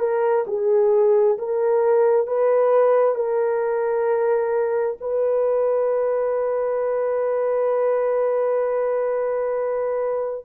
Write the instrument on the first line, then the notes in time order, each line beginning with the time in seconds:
horn
0.00 A#4
0.48 G#4
1.39 A#4
2.27 B4
3.16 A#4
5.01 B4